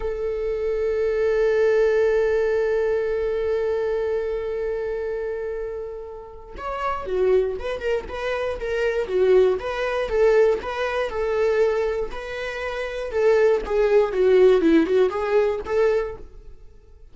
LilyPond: \new Staff \with { instrumentName = "viola" } { \time 4/4 \tempo 4 = 119 a'1~ | a'1~ | a'1~ | a'4 cis''4 fis'4 b'8 ais'8 |
b'4 ais'4 fis'4 b'4 | a'4 b'4 a'2 | b'2 a'4 gis'4 | fis'4 e'8 fis'8 gis'4 a'4 | }